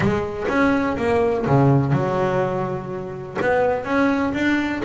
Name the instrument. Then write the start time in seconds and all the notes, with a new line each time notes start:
double bass
0.00 G#3
0.48 C#4
0.97 A#3
1.46 C#3
1.92 F#3
3.41 B3
3.84 C#4
4.33 D4